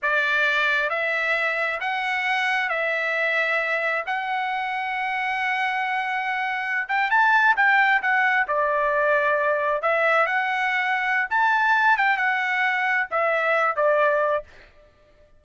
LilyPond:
\new Staff \with { instrumentName = "trumpet" } { \time 4/4 \tempo 4 = 133 d''2 e''2 | fis''2 e''2~ | e''4 fis''2.~ | fis''2.~ fis''16 g''8 a''16~ |
a''8. g''4 fis''4 d''4~ d''16~ | d''4.~ d''16 e''4 fis''4~ fis''16~ | fis''4 a''4. g''8 fis''4~ | fis''4 e''4. d''4. | }